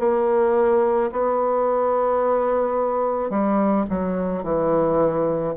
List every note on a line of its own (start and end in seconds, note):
0.00 1.11 A#3
1.12 3.30 B3
3.30 3.85 G3
3.90 4.43 F#3
4.43 5.54 E3